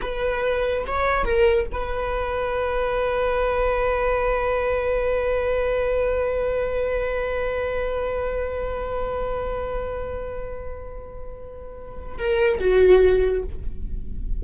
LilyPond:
\new Staff \with { instrumentName = "viola" } { \time 4/4 \tempo 4 = 143 b'2 cis''4 ais'4 | b'1~ | b'1~ | b'1~ |
b'1~ | b'1~ | b'1~ | b'4 ais'4 fis'2 | }